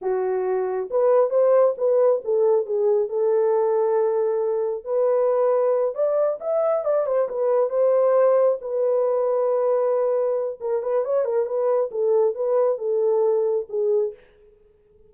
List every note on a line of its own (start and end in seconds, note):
0.01 0.89 F#4
0.90 1.30 B4
1.30 1.74 C5
1.77 2.22 B4
2.24 2.66 A4
2.66 3.08 G#4
3.08 4.84 A4
4.84 5.94 B4
5.94 6.39 D5
6.40 6.84 E5
6.84 7.06 D5
7.06 7.28 C5
7.28 7.69 B4
7.69 8.57 C5
8.61 10.59 B4
10.60 10.82 A#4
10.82 11.04 B4
11.04 11.24 C#5
11.24 11.45 A#4
11.45 11.90 B4
11.91 12.34 A4
12.34 12.78 B4
12.78 13.66 A4
13.69 14.13 G#4